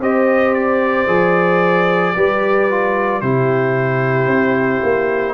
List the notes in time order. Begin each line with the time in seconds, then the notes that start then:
0.00 C4 G4 C5 D#5
0.54 D5
1.07 F3 G#4
2.16 G3 G4 B4
2.70 F4
3.22 C3 E4 G4 C5
4.27 C4
4.83 A#3